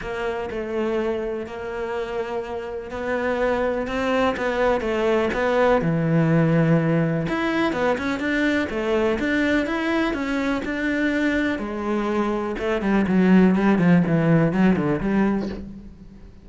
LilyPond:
\new Staff \with { instrumentName = "cello" } { \time 4/4 \tempo 4 = 124 ais4 a2 ais4~ | ais2 b2 | c'4 b4 a4 b4 | e2. e'4 |
b8 cis'8 d'4 a4 d'4 | e'4 cis'4 d'2 | gis2 a8 g8 fis4 | g8 f8 e4 fis8 d8 g4 | }